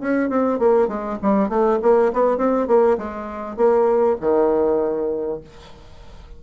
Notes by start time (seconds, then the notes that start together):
0.00 C#4
0.29 C4
0.59 A#3
0.88 G#3
1.22 G3
1.49 A3
1.82 A#3
2.13 B3
2.37 C4
2.68 A#3
2.98 G#3
3.56 A#3
4.21 D#3